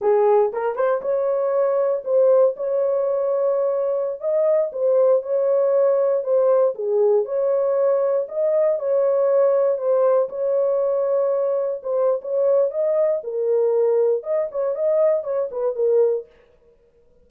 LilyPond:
\new Staff \with { instrumentName = "horn" } { \time 4/4 \tempo 4 = 118 gis'4 ais'8 c''8 cis''2 | c''4 cis''2.~ | cis''16 dis''4 c''4 cis''4.~ cis''16~ | cis''16 c''4 gis'4 cis''4.~ cis''16~ |
cis''16 dis''4 cis''2 c''8.~ | c''16 cis''2. c''8. | cis''4 dis''4 ais'2 | dis''8 cis''8 dis''4 cis''8 b'8 ais'4 | }